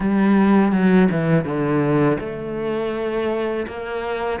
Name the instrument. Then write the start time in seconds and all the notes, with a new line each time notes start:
cello
0.00 G3
0.72 F#3
1.10 E3
1.44 D3
2.20 A3
3.67 A#3